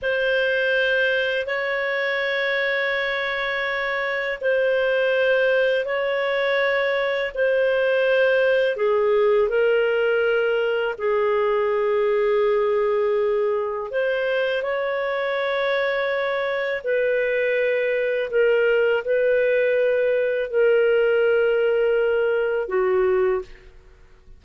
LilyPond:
\new Staff \with { instrumentName = "clarinet" } { \time 4/4 \tempo 4 = 82 c''2 cis''2~ | cis''2 c''2 | cis''2 c''2 | gis'4 ais'2 gis'4~ |
gis'2. c''4 | cis''2. b'4~ | b'4 ais'4 b'2 | ais'2. fis'4 | }